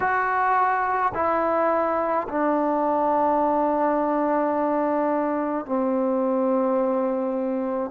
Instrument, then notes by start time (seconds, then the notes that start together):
trombone
0.00 F#4
1.14 E4
2.28 D4
5.66 C4